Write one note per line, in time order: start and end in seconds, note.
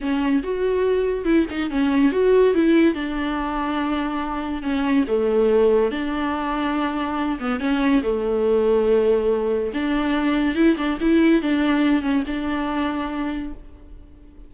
0.00 0.42 C#4
0.43 1.24 F#4
1.24 1.45 E4
1.50 1.70 D#4
1.70 2.12 C#4
2.12 2.54 F#4
2.54 2.94 E4
2.94 4.62 D4
4.62 5.04 C#4
5.07 5.91 A3
5.91 7.38 D4
7.39 7.59 B3
7.59 8.02 C#4
8.02 9.71 A3
9.73 10.55 D4
10.55 10.76 E4
10.77 10.98 D4
11.00 11.41 E4
11.41 12.02 D4
12.02 12.23 C#4
12.27 13.53 D4